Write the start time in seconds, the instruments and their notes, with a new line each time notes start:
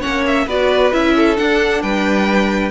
0.00 cello A#3, viola C#4, violin C#5 F#5
0.26 violin E5
0.46 cello B3, viola F#4, violin B4 D5
0.92 cello C#4, viola E4, violin E5
1.16 violin A4
1.36 viola D4, cello D4, violin F#5
1.82 cello G3, violin B4 G5